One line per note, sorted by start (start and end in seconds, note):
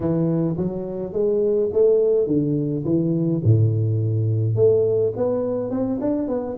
0.00 0.56 E3
0.57 1.12 F#3
1.12 1.70 G#3
1.72 2.26 A3
2.26 2.84 D3
2.84 3.41 E3
3.44 4.55 A2
4.55 5.12 A3
5.16 5.70 B3
5.70 5.99 C4
6.00 6.28 D4
6.28 6.56 B3